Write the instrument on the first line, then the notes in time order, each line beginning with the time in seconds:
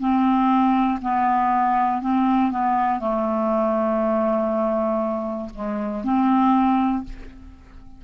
clarinet
0.00 C4
1.02 B3
2.02 C4
2.52 B3
3.00 A3
5.55 G#3
6.04 C4